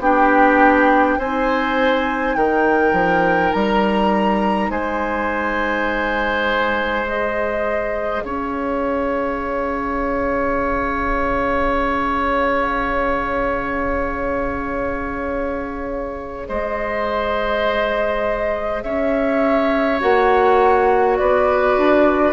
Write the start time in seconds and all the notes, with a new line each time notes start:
0.00 B3 D4 G4 G5
1.18 C4 D#4 C5 G#5
2.35 D#3 A#4 G5
2.93 F3
3.53 G3 A#5
4.70 G#3 C5 G#5
7.05 G#4 D#5
8.22 C#4 C#5 F5
16.49 G#3 C5 D#5
18.83 C#4 C#5 E5
20.00 A#3 F#4 F#5
21.18 B3 B4 D5
21.77 D4